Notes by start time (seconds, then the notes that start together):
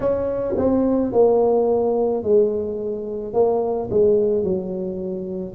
0.00 C#4
0.57 C4
1.12 A#3
2.23 G#3
3.33 A#3
3.90 G#3
4.43 F#3